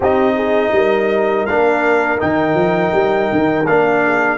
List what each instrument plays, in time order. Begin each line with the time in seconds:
0.00 tuba C4, trombone D#4, horn G4, trumpet D#5
0.35 horn G#4
0.71 tuba G3, horn A#4
1.45 tuba A#3, trombone D4, trumpet F5
2.18 tuba D#3, trombone D#4, trumpet G5
2.54 tuba F3
2.93 tuba G3
3.32 tuba D#3
3.66 tuba A#3, trombone D4, trumpet F5
4.03 horn G#4